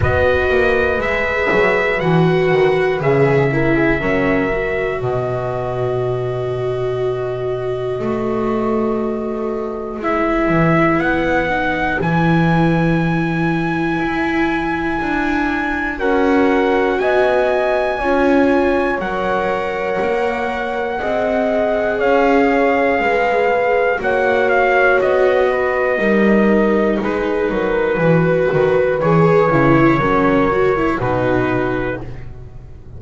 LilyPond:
<<
  \new Staff \with { instrumentName = "trumpet" } { \time 4/4 \tempo 4 = 60 dis''4 e''4 fis''4 e''4~ | e''4 dis''2.~ | dis''2 e''4 fis''4 | gis''1 |
fis''4 gis''2 fis''4~ | fis''2 f''2 | fis''8 f''8 dis''2 b'4~ | b'4 cis''2 b'4 | }
  \new Staff \with { instrumentName = "horn" } { \time 4/4 b'2.~ b'8 ais'16 gis'16 | ais'4 b'2.~ | b'1~ | b'1 |
ais'4 dis''4 cis''2~ | cis''4 dis''4 cis''4 b'4 | cis''4. b'8 ais'4 gis'8 ais'8 | b'2 ais'4 fis'4 | }
  \new Staff \with { instrumentName = "viola" } { \time 4/4 fis'4 gis'4 fis'4 gis'8 e'8 | cis'8 fis'2.~ fis'8~ | fis'2 e'4. dis'8 | e'1 |
fis'2 f'4 ais'4~ | ais'4 gis'2. | fis'2 dis'2 | fis'4 gis'8 e'8 cis'8 fis'16 e'16 dis'4 | }
  \new Staff \with { instrumentName = "double bass" } { \time 4/4 b8 ais8 gis8 fis8 e8 dis8 cis4 | fis4 b,2. | a2 gis8 e8 b4 | e2 e'4 d'4 |
cis'4 b4 cis'4 fis4 | ais4 c'4 cis'4 gis4 | ais4 b4 g4 gis8 fis8 | e8 dis8 e8 cis8 fis4 b,4 | }
>>